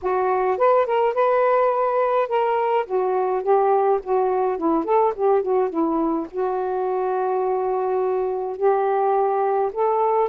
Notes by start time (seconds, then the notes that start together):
0.02 F#4
0.57 B4
0.86 A#4
1.14 B4
2.28 A#4
2.86 F#4
3.42 G4
4.03 F#4
4.57 E4
4.84 A4
5.15 G4
5.42 F#4
5.69 E4
6.30 F#4
8.57 G4
9.72 A4